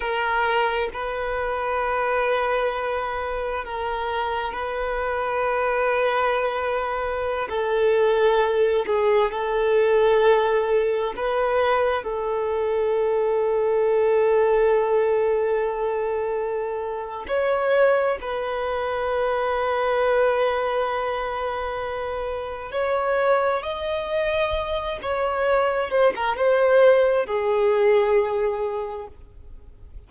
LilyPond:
\new Staff \with { instrumentName = "violin" } { \time 4/4 \tempo 4 = 66 ais'4 b'2. | ais'4 b'2.~ | b'16 a'4. gis'8 a'4.~ a'16~ | a'16 b'4 a'2~ a'8.~ |
a'2. cis''4 | b'1~ | b'4 cis''4 dis''4. cis''8~ | cis''8 c''16 ais'16 c''4 gis'2 | }